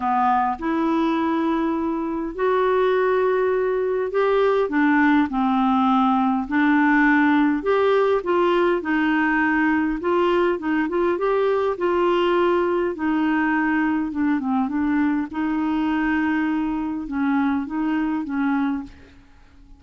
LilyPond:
\new Staff \with { instrumentName = "clarinet" } { \time 4/4 \tempo 4 = 102 b4 e'2. | fis'2. g'4 | d'4 c'2 d'4~ | d'4 g'4 f'4 dis'4~ |
dis'4 f'4 dis'8 f'8 g'4 | f'2 dis'2 | d'8 c'8 d'4 dis'2~ | dis'4 cis'4 dis'4 cis'4 | }